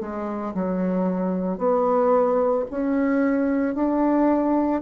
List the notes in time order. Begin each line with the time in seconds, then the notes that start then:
0.00 G#3
0.54 F#3
1.58 B3
2.70 C#4
3.75 D4